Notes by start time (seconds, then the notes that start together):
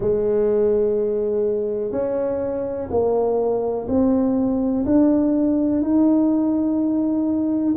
0.00 G#3
1.91 C#4
2.90 A#3
3.88 C4
4.85 D4
5.81 D#4